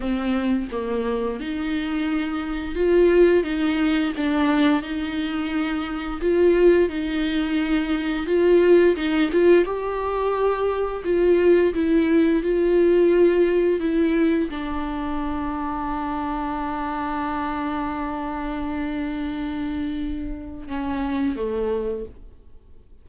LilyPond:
\new Staff \with { instrumentName = "viola" } { \time 4/4 \tempo 4 = 87 c'4 ais4 dis'2 | f'4 dis'4 d'4 dis'4~ | dis'4 f'4 dis'2 | f'4 dis'8 f'8 g'2 |
f'4 e'4 f'2 | e'4 d'2.~ | d'1~ | d'2 cis'4 a4 | }